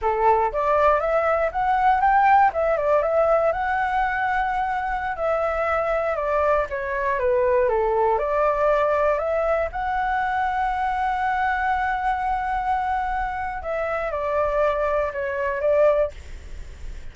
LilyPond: \new Staff \with { instrumentName = "flute" } { \time 4/4 \tempo 4 = 119 a'4 d''4 e''4 fis''4 | g''4 e''8 d''8 e''4 fis''4~ | fis''2~ fis''16 e''4.~ e''16~ | e''16 d''4 cis''4 b'4 a'8.~ |
a'16 d''2 e''4 fis''8.~ | fis''1~ | fis''2. e''4 | d''2 cis''4 d''4 | }